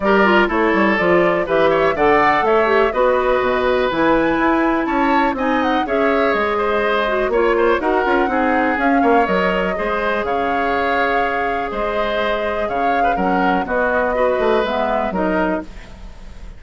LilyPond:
<<
  \new Staff \with { instrumentName = "flute" } { \time 4/4 \tempo 4 = 123 d''4 cis''4 d''4 e''4 | fis''4 e''4 dis''2 | gis''2 a''4 gis''8 fis''8 | e''4 dis''2 cis''4 |
fis''2 f''4 dis''4~ | dis''4 f''2. | dis''2 f''4 fis''4 | dis''2 e''4 dis''4 | }
  \new Staff \with { instrumentName = "oboe" } { \time 4/4 ais'4 a'2 b'8 cis''8 | d''4 cis''4 b'2~ | b'2 cis''4 dis''4 | cis''4. c''4. cis''8 c''8 |
ais'4 gis'4. cis''4. | c''4 cis''2. | c''2 cis''8. b'16 ais'4 | fis'4 b'2 ais'4 | }
  \new Staff \with { instrumentName = "clarinet" } { \time 4/4 g'8 f'8 e'4 f'4 g'4 | a'4. g'8 fis'2 | e'2. dis'4 | gis'2~ gis'8 fis'8 f'4 |
fis'8 f'8 dis'4 cis'4 ais'4 | gis'1~ | gis'2. cis'4 | b4 fis'4 b4 dis'4 | }
  \new Staff \with { instrumentName = "bassoon" } { \time 4/4 g4 a8 g8 f4 e4 | d4 a4 b4 b,4 | e4 e'4 cis'4 c'4 | cis'4 gis2 ais4 |
dis'8 cis'8 c'4 cis'8 ais8 fis4 | gis4 cis2. | gis2 cis4 fis4 | b4. a8 gis4 fis4 | }
>>